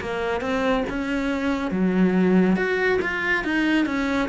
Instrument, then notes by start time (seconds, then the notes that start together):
cello
0.00 A#3
0.41 C4
0.89 C#4
1.71 F#3
2.56 F#4
3.02 F4
3.44 D#4
3.85 C#4